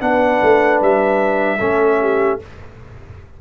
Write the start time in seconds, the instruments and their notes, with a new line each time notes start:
0.00 tuba B3, trombone D4, horn B4, trumpet F#5
0.42 tuba A3
0.81 tuba G3, trumpet E5
1.58 tuba A3, trombone C#4, horn A4
2.01 horn G4